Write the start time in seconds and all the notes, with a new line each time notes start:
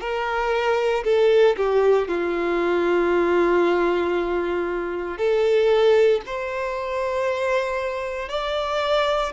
0.00 A#4
1.04 A4
1.57 G4
2.08 F4
5.18 A4
6.26 C5
8.29 D5